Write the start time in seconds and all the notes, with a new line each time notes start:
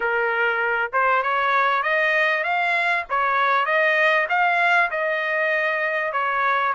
0.00 A#4
0.92 C5
1.22 C#5
1.83 D#5
2.43 F5
3.09 C#5
3.65 D#5
4.29 F5
4.90 D#5
6.12 C#5